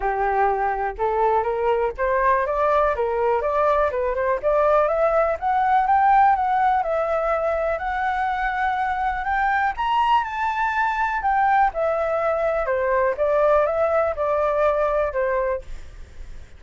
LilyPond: \new Staff \with { instrumentName = "flute" } { \time 4/4 \tempo 4 = 123 g'2 a'4 ais'4 | c''4 d''4 ais'4 d''4 | b'8 c''8 d''4 e''4 fis''4 | g''4 fis''4 e''2 |
fis''2. g''4 | ais''4 a''2 g''4 | e''2 c''4 d''4 | e''4 d''2 c''4 | }